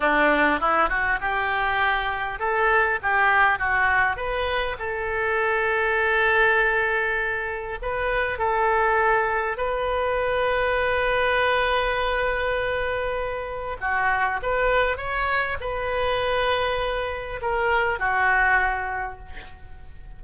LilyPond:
\new Staff \with { instrumentName = "oboe" } { \time 4/4 \tempo 4 = 100 d'4 e'8 fis'8 g'2 | a'4 g'4 fis'4 b'4 | a'1~ | a'4 b'4 a'2 |
b'1~ | b'2. fis'4 | b'4 cis''4 b'2~ | b'4 ais'4 fis'2 | }